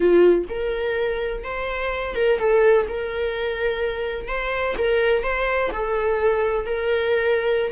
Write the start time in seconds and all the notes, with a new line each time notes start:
0.00 F4
0.49 A#4
1.44 C5
2.15 A#4
2.38 A4
2.88 A#4
4.28 C5
4.77 A#4
5.23 C5
5.72 A4
6.66 A#4